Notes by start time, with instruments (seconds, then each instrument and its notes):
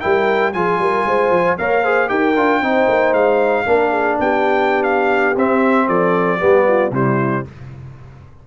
0.00 tuba G3, trombone E4, horn A#4, trumpet G5
0.53 tuba F3, trombone F4, horn G#4, trumpet G#5
0.78 tuba G3, horn A#4
1.06 tuba G#3, horn C5
1.30 tuba F3
1.58 tuba A#3, trombone A#4, horn C#5, trumpet F5
1.83 trombone G#4, horn C5
2.07 tuba D#4, trombone G4, horn A#4, trumpet G5
2.36 tuba D4, trombone F4
2.60 tuba C4, trombone D#4, horn C5
2.87 tuba A#3
3.13 tuba G#3, trumpet F5
3.66 tuba A#3, trombone D4, horn A#4
3.91 horn G#4
4.19 tuba B3, horn G4, trumpet G5
4.83 trumpet F5
5.36 tuba C4, trombone C4, trumpet E5
5.87 tuba F3, horn A4, trumpet D5
6.39 tuba G3, trombone B3, horn G4
6.67 horn F4
6.90 tuba C3, trombone G3, horn E4, trumpet C5